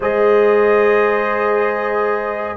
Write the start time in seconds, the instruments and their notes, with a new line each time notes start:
0.00 tuba G#3, trombone G#4, horn C5, trumpet D#5